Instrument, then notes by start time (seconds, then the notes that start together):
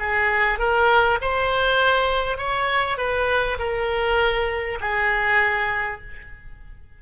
oboe
0.00 G#4
0.59 A#4
1.22 C5
2.38 C#5
2.98 B4
3.59 A#4
4.81 G#4